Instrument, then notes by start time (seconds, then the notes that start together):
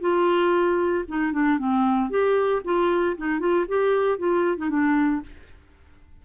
clarinet
0.00 F4
1.08 D#4
1.32 D4
1.58 C4
2.10 G4
2.64 F4
3.17 D#4
3.39 F4
3.68 G4
4.18 F4
4.57 D#4
4.69 D4